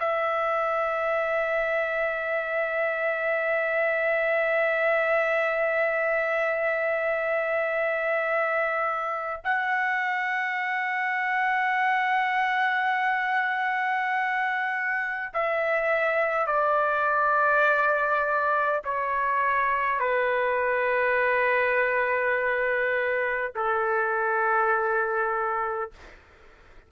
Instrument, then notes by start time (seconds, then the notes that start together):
trumpet
0.00 E5
9.44 F#5
15.34 E5
16.47 D5
18.84 C#5
20.00 B4
23.56 A4